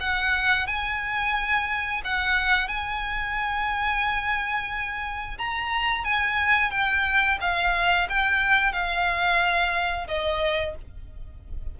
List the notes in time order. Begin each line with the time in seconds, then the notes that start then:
0.00 F#5
0.66 G#5
2.04 F#5
2.68 G#5
5.37 A#5
6.04 G#5
6.70 G5
7.40 F5
8.09 G5
8.72 F5
10.08 D#5